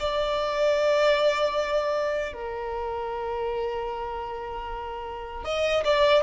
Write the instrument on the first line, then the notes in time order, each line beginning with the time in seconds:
violin
0.00 D5
2.33 A#4
5.45 D#5
5.85 D5